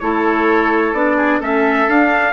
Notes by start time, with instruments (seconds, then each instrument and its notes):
0.00 bassoon A3, clarinet E4, oboe A4, trumpet C#5
0.93 bassoon B3, clarinet D4, trumpet D5
1.17 oboe G#4
1.40 bassoon A3, clarinet C#4, oboe A4, trumpet E5
1.88 bassoon D4, clarinet D4, trumpet F5